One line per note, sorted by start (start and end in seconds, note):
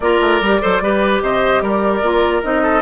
0.00 0.19 A#3
0.00 0.42 F4
0.00 0.61 A#4
0.00 1.20 D5
0.20 0.40 A3
0.40 0.61 G3
0.40 0.61 G4
0.61 0.81 F#3
0.61 0.82 A4
0.61 0.82 C5
0.81 1.21 G3
0.81 2.03 G4
0.81 1.22 B4
1.21 1.61 C3
1.21 1.62 C5
1.21 1.61 D#5
1.61 2.01 G3
1.61 2.62 A#4
1.61 2.42 D5
2.01 2.42 A#3
2.01 2.42 F4
2.42 2.81 C4
2.42 2.81 D#4
2.42 2.81 D#5
2.62 2.81 A4